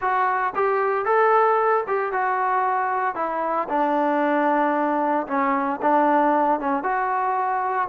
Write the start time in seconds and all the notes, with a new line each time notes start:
0.01 F#4
0.55 G4
1.05 A4
1.87 G4
2.12 F#4
3.15 E4
3.68 D4
5.27 C#4
5.82 D4
6.60 C#4
6.83 F#4